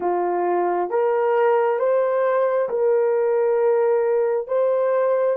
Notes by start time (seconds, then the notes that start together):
0.00 F4
0.90 A#4
1.79 C5
2.69 A#4
4.47 C5